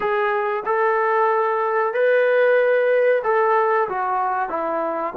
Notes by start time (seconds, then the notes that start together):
0.00 G#4
0.65 A4
1.93 B4
3.23 A4
3.88 F#4
4.49 E4